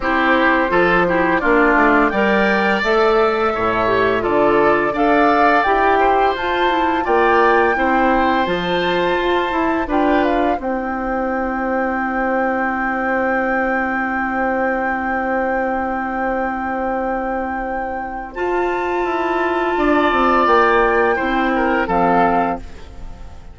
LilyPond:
<<
  \new Staff \with { instrumentName = "flute" } { \time 4/4 \tempo 4 = 85 c''2 d''4 g''4 | e''2 d''4 f''4 | g''4 a''4 g''2 | a''2 g''8 f''8 g''4~ |
g''1~ | g''1~ | g''2 a''2~ | a''4 g''2 f''4 | }
  \new Staff \with { instrumentName = "oboe" } { \time 4/4 g'4 a'8 g'8 f'4 d''4~ | d''4 cis''4 a'4 d''4~ | d''8 c''4. d''4 c''4~ | c''2 b'4 c''4~ |
c''1~ | c''1~ | c''1 | d''2 c''8 ais'8 a'4 | }
  \new Staff \with { instrumentName = "clarinet" } { \time 4/4 e'4 f'8 e'8 d'4 ais'4 | a'4. g'8 f'4 a'4 | g'4 f'8 e'8 f'4 e'4 | f'4. e'8 f'4 e'4~ |
e'1~ | e'1~ | e'2 f'2~ | f'2 e'4 c'4 | }
  \new Staff \with { instrumentName = "bassoon" } { \time 4/4 c'4 f4 ais8 a8 g4 | a4 a,4 d4 d'4 | e'4 f'4 ais4 c'4 | f4 f'8 e'8 d'4 c'4~ |
c'1~ | c'1~ | c'2 f'4 e'4 | d'8 c'8 ais4 c'4 f4 | }
>>